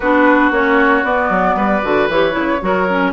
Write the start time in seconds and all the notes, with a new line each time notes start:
0.00 B3 D4 F#4 B4
0.51 A#3 C#4 C#5
1.03 B3 D5
1.29 F#3
1.55 G3 B4
1.82 D3 F#4
2.08 E3 G4 C#5
2.31 C#3 E4
2.61 F#3 F#4 A#4
2.88 C#4